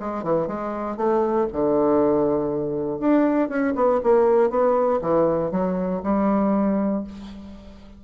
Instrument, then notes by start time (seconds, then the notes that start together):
bassoon
0.00 G#3
0.24 E3
0.48 G#3
0.97 A3
1.53 D3
3.00 D4
3.49 C#4
3.76 B3
4.04 A#3
4.51 B3
5.02 E3
5.51 F#3
6.04 G3